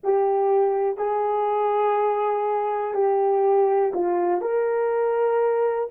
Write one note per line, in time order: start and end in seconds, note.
0.03 0.97 G4
0.97 2.93 G#4
2.94 3.92 G4
3.93 4.41 F4
4.41 5.88 A#4